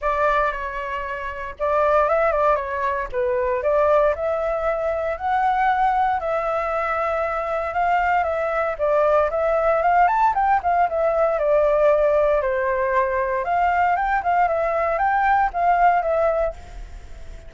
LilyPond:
\new Staff \with { instrumentName = "flute" } { \time 4/4 \tempo 4 = 116 d''4 cis''2 d''4 | e''8 d''8 cis''4 b'4 d''4 | e''2 fis''2 | e''2. f''4 |
e''4 d''4 e''4 f''8 a''8 | g''8 f''8 e''4 d''2 | c''2 f''4 g''8 f''8 | e''4 g''4 f''4 e''4 | }